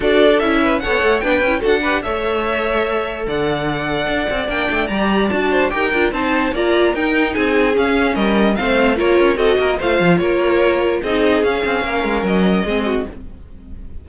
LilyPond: <<
  \new Staff \with { instrumentName = "violin" } { \time 4/4 \tempo 4 = 147 d''4 e''4 fis''4 g''4 | fis''4 e''2. | fis''2. g''4 | ais''4 a''4 g''4 a''4 |
ais''4 g''4 gis''4 f''4 | dis''4 f''4 cis''4 dis''4 | f''4 cis''2 dis''4 | f''2 dis''2 | }
  \new Staff \with { instrumentName = "violin" } { \time 4/4 a'4. b'8 cis''4 b'4 | a'8 b'8 cis''2. | d''1~ | d''4. c''8 ais'4 c''4 |
d''4 ais'4 gis'2 | ais'4 c''4 ais'4 a'8 ais'8 | c''4 ais'2 gis'4~ | gis'4 ais'2 gis'8 fis'8 | }
  \new Staff \with { instrumentName = "viola" } { \time 4/4 fis'4 e'4 a'4 d'8 e'8 | fis'8 g'8 a'2.~ | a'2. d'4 | g'4 fis'4 g'8 f'8 dis'4 |
f'4 dis'2 cis'4~ | cis'4 c'4 f'4 fis'4 | f'2. dis'4 | cis'2. c'4 | }
  \new Staff \with { instrumentName = "cello" } { \time 4/4 d'4 cis'4 b8 a8 b8 cis'8 | d'4 a2. | d2 d'8 c'8 ais8 a8 | g4 d'4 dis'8 d'8 c'4 |
ais4 dis'4 c'4 cis'4 | g4 a4 ais8 cis'8 c'8 ais8 | a8 f8 ais2 c'4 | cis'8 c'8 ais8 gis8 fis4 gis4 | }
>>